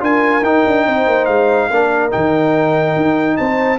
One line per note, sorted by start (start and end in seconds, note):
0.00 0.42 D4
0.00 0.42 F4
0.00 0.87 A#4
0.00 0.44 G#5
0.42 0.63 D#4
0.42 1.71 D#4
0.42 1.25 G5
0.67 0.86 D4
0.86 1.07 C4
0.86 1.69 C5
1.07 1.28 A#3
1.25 1.70 G#3
1.25 2.09 F5
1.69 2.12 A#3
1.69 2.11 D4
1.69 3.37 A#4
2.11 2.96 D#3
2.11 3.79 D#4
2.11 3.37 G5
2.96 3.38 D#4
3.37 3.79 C4
3.37 3.79 C5
3.37 3.79 A5